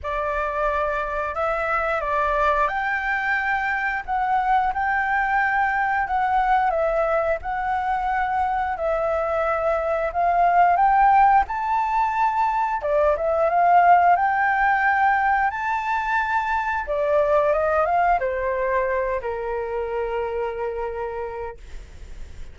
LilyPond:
\new Staff \with { instrumentName = "flute" } { \time 4/4 \tempo 4 = 89 d''2 e''4 d''4 | g''2 fis''4 g''4~ | g''4 fis''4 e''4 fis''4~ | fis''4 e''2 f''4 |
g''4 a''2 d''8 e''8 | f''4 g''2 a''4~ | a''4 d''4 dis''8 f''8 c''4~ | c''8 ais'2.~ ais'8 | }